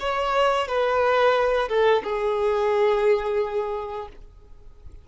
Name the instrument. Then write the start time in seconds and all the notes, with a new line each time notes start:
violin
0.00 C#5
0.68 B4
1.69 A4
2.04 G#4